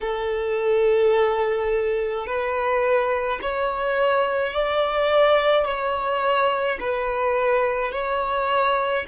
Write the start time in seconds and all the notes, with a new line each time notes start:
0.01 A4
2.26 B4
3.41 C#5
4.53 D5
5.64 C#5
6.79 B4
7.92 C#5